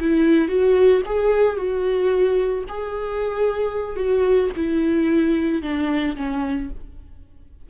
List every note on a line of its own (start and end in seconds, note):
0.00 0.49 E4
0.49 1.03 F#4
1.06 1.57 G#4
1.57 2.64 F#4
2.69 3.97 G#4
3.97 4.50 F#4
4.57 5.63 E4
5.63 6.16 D4
6.17 6.70 C#4